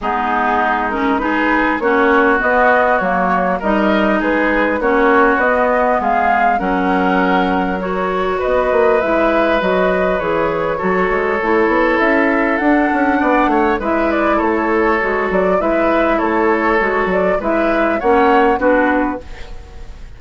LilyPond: <<
  \new Staff \with { instrumentName = "flute" } { \time 4/4 \tempo 4 = 100 gis'4. ais'8 b'4 cis''4 | dis''4 cis''4 dis''4 b'4 | cis''4 dis''4 f''4 fis''4~ | fis''4 cis''4 dis''4 e''4 |
dis''4 cis''2. | e''4 fis''2 e''8 d''8 | cis''4. d''8 e''4 cis''4~ | cis''8 d''8 e''4 fis''4 b'4 | }
  \new Staff \with { instrumentName = "oboe" } { \time 4/4 dis'2 gis'4 fis'4~ | fis'2 ais'4 gis'4 | fis'2 gis'4 ais'4~ | ais'2 b'2~ |
b'2 a'2~ | a'2 d''8 cis''8 b'4 | a'2 b'4 a'4~ | a'4 b'4 cis''4 fis'4 | }
  \new Staff \with { instrumentName = "clarinet" } { \time 4/4 b4. cis'8 dis'4 cis'4 | b4 ais4 dis'2 | cis'4 b2 cis'4~ | cis'4 fis'2 e'4 |
fis'4 gis'4 fis'4 e'4~ | e'4 d'2 e'4~ | e'4 fis'4 e'2 | fis'4 e'4 cis'4 d'4 | }
  \new Staff \with { instrumentName = "bassoon" } { \time 4/4 gis2. ais4 | b4 fis4 g4 gis4 | ais4 b4 gis4 fis4~ | fis2 b8 ais8 gis4 |
fis4 e4 fis8 gis8 a8 b8 | cis'4 d'8 cis'8 b8 a8 gis4 | a4 gis8 fis8 gis4 a4 | gis8 fis8 gis4 ais4 b4 | }
>>